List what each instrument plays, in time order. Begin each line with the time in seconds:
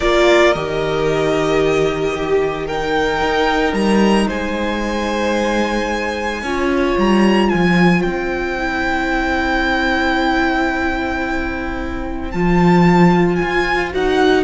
0.00 cello A#3, viola F4, violin A#4 D5
0.52 cello D#3, viola G4, violin D#5
2.14 violin G4
2.66 viola D#4, violin A#4 G5
3.21 cello D#4
3.72 cello G3, violin A#5
4.26 cello G#3, violin C5 G#5
6.41 cello C#4, viola F4, violin C#5
6.97 cello G3, violin A#5
7.48 cello F3, violin C5 G#5
8.02 cello C4, violin G5
8.58 viola E4
12.31 cello F3, viola F4, violin A5
13.36 violin G#5
13.42 cello F4
13.91 cello D#4, viola F#4, violin F#5